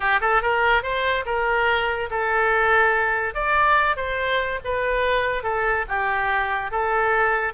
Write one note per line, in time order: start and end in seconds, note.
0.00 0.19 G4
0.20 0.41 A4
0.42 0.82 A#4
0.82 1.24 C5
1.25 2.09 A#4
2.10 3.34 A4
3.34 3.96 D5
3.96 4.59 C5
4.64 5.43 B4
5.43 5.85 A4
5.88 6.71 G4
6.71 7.53 A4